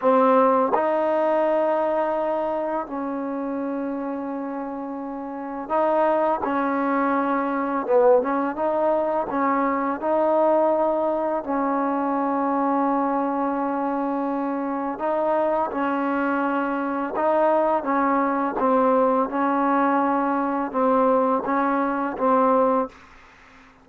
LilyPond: \new Staff \with { instrumentName = "trombone" } { \time 4/4 \tempo 4 = 84 c'4 dis'2. | cis'1 | dis'4 cis'2 b8 cis'8 | dis'4 cis'4 dis'2 |
cis'1~ | cis'4 dis'4 cis'2 | dis'4 cis'4 c'4 cis'4~ | cis'4 c'4 cis'4 c'4 | }